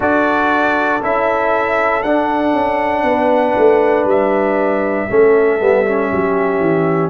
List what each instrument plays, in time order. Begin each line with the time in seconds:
0.00 tuba D4, trombone F#4, horn A4, trumpet D5
1.01 tuba C#4, trombone E4, trumpet E5
2.03 tuba D4, trombone D4, trumpet F#5
2.53 tuba C#4
3.03 tuba B3, horn B4
3.57 tuba A3
4.04 tuba G3, trumpet E5
5.09 tuba A3, trombone C#4, horn A4
5.59 tuba G3, trombone B3
5.85 trombone C#4
6.10 tuba F#3, horn G4
6.59 tuba E3